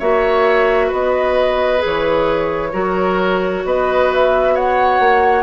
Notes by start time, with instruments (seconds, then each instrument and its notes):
0.00 bassoon A#3, clarinet F#4, oboe C#5, flute E5
0.87 bassoon B3, oboe B4, flute D#5
1.78 clarinet G#4
1.86 bassoon E3, flute C#5
2.73 bassoon F#3, clarinet F#4, oboe A#4
3.65 bassoon B3, oboe B4, flute D#5
4.13 flute E5
4.55 oboe C#5, flute F#5
5.00 bassoon A#3